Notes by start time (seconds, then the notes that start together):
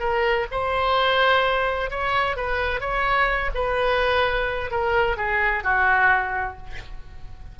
0.00 A#4
0.52 C5
1.91 C#5
2.37 B4
2.80 C#5
3.55 B4
4.71 A#4
5.17 G#4
5.64 F#4